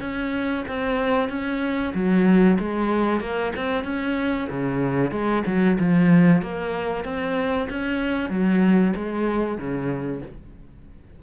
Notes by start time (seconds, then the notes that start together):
0.00 C#4
0.68 C4
1.29 C#4
1.94 F#3
2.59 G#3
3.20 A#3
3.56 C4
3.84 C#4
4.49 C#3
5.11 G#3
5.46 F#3
5.79 F3
6.42 A#3
7.04 C4
7.69 C#4
8.29 F#3
8.96 G#3
9.58 C#3